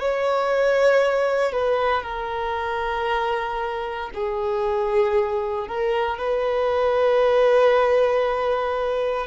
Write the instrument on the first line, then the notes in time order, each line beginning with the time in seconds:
violin
0.00 C#5
1.52 B4
2.03 A#4
4.15 G#4
5.68 A#4
6.18 B4